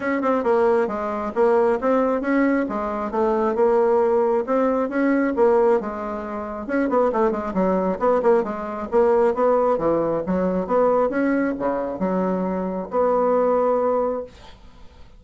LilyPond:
\new Staff \with { instrumentName = "bassoon" } { \time 4/4 \tempo 4 = 135 cis'8 c'8 ais4 gis4 ais4 | c'4 cis'4 gis4 a4 | ais2 c'4 cis'4 | ais4 gis2 cis'8 b8 |
a8 gis8 fis4 b8 ais8 gis4 | ais4 b4 e4 fis4 | b4 cis'4 cis4 fis4~ | fis4 b2. | }